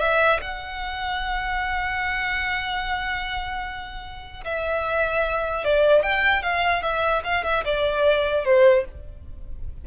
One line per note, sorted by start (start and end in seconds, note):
0.00 0.40 E5
0.42 4.44 F#5
4.45 5.65 E5
5.65 6.03 D5
6.03 6.43 G5
6.43 6.83 F5
6.83 7.23 E5
7.24 7.44 F5
7.44 7.64 E5
7.65 8.45 D5
8.45 8.85 C5